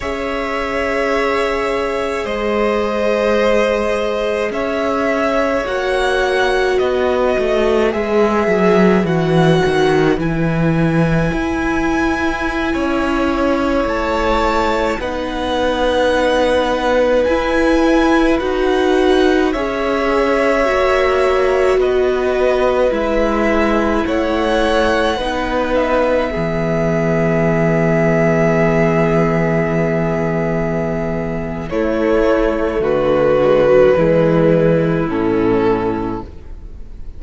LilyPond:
<<
  \new Staff \with { instrumentName = "violin" } { \time 4/4 \tempo 4 = 53 e''2 dis''2 | e''4 fis''4 dis''4 e''4 | fis''4 gis''2.~ | gis''16 a''4 fis''2 gis''8.~ |
gis''16 fis''4 e''2 dis''8.~ | dis''16 e''4 fis''4. e''4~ e''16~ | e''1 | cis''4 b'2 a'4 | }
  \new Staff \with { instrumentName = "violin" } { \time 4/4 cis''2 c''2 | cis''2 b'2~ | b'2.~ b'16 cis''8.~ | cis''4~ cis''16 b'2~ b'8.~ |
b'4~ b'16 cis''2 b'8.~ | b'4~ b'16 cis''4 b'4 gis'8.~ | gis'1 | e'4 fis'4 e'2 | }
  \new Staff \with { instrumentName = "viola" } { \time 4/4 gis'1~ | gis'4 fis'2 gis'4 | fis'4 e'2.~ | e'4~ e'16 dis'2 e'8.~ |
e'16 fis'4 gis'4 fis'4.~ fis'16~ | fis'16 e'2 dis'4 b8.~ | b1 | a4. gis16 fis16 gis4 cis'4 | }
  \new Staff \with { instrumentName = "cello" } { \time 4/4 cis'2 gis2 | cis'4 ais4 b8 a8 gis8 fis8 | e8 dis8 e4 e'4~ e'16 cis'8.~ | cis'16 a4 b2 e'8.~ |
e'16 dis'4 cis'4 ais4 b8.~ | b16 gis4 a4 b4 e8.~ | e1 | a4 d4 e4 a,4 | }
>>